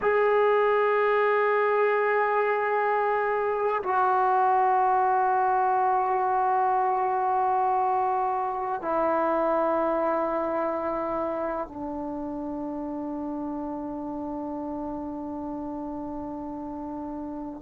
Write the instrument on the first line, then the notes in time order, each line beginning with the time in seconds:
trombone
0.01 G#4
3.83 F#4
8.81 E4
11.67 D4